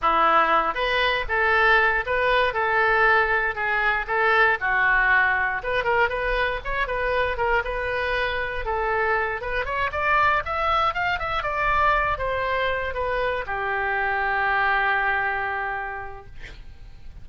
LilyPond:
\new Staff \with { instrumentName = "oboe" } { \time 4/4 \tempo 4 = 118 e'4. b'4 a'4. | b'4 a'2 gis'4 | a'4 fis'2 b'8 ais'8 | b'4 cis''8 b'4 ais'8 b'4~ |
b'4 a'4. b'8 cis''8 d''8~ | d''8 e''4 f''8 e''8 d''4. | c''4. b'4 g'4.~ | g'1 | }